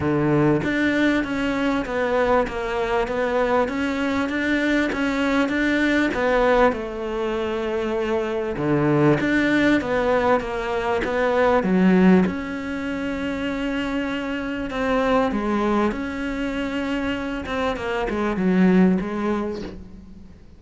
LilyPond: \new Staff \with { instrumentName = "cello" } { \time 4/4 \tempo 4 = 98 d4 d'4 cis'4 b4 | ais4 b4 cis'4 d'4 | cis'4 d'4 b4 a4~ | a2 d4 d'4 |
b4 ais4 b4 fis4 | cis'1 | c'4 gis4 cis'2~ | cis'8 c'8 ais8 gis8 fis4 gis4 | }